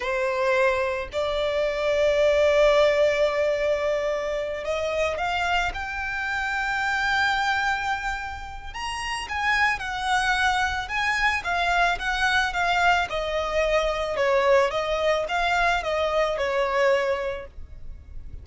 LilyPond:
\new Staff \with { instrumentName = "violin" } { \time 4/4 \tempo 4 = 110 c''2 d''2~ | d''1~ | d''8 dis''4 f''4 g''4.~ | g''1 |
ais''4 gis''4 fis''2 | gis''4 f''4 fis''4 f''4 | dis''2 cis''4 dis''4 | f''4 dis''4 cis''2 | }